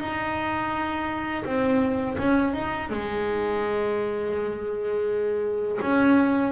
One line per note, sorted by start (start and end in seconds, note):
0.00 1.45 D#4
1.45 2.18 C4
2.19 2.54 C#4
2.54 2.90 D#4
2.90 5.79 G#3
5.82 6.53 C#4